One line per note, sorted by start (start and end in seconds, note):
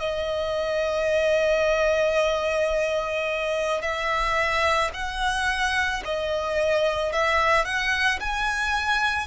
0.00 3.82 D#5
3.82 4.91 E5
4.93 6.02 F#5
6.05 7.13 D#5
7.13 7.65 E5
7.65 8.19 F#5
8.20 9.27 G#5